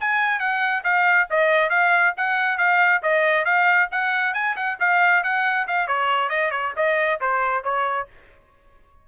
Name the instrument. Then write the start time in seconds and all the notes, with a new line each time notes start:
trumpet
0.00 G#5
0.39 F#5
0.84 F5
1.30 D#5
1.70 F5
2.17 F#5
2.58 F5
3.03 D#5
3.45 F5
3.92 F#5
4.34 G#5
4.56 F#5
4.80 F5
5.23 F#5
5.68 F5
5.87 C#5
6.29 D#5
6.51 C#5
6.76 D#5
7.20 C5
7.64 C#5